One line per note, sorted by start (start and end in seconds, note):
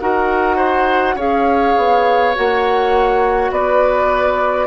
0.00 1.15 D#4
0.00 1.18 F#4
0.00 0.56 A#4
0.00 1.18 F#5
0.56 1.15 C5
1.15 1.74 C#4
1.15 2.35 G#4
1.15 3.51 C#5
1.15 2.36 F5
1.76 2.35 B3
2.35 3.50 A#3
2.35 4.66 F#4
2.35 3.52 F#5
3.50 4.66 B3
3.50 4.66 B4
3.50 4.66 D5